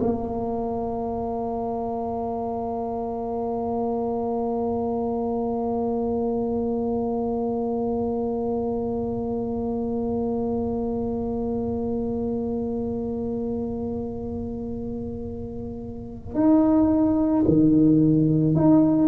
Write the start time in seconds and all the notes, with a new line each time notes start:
0.00 A#3
16.34 D#4
17.48 D#3
18.55 D#4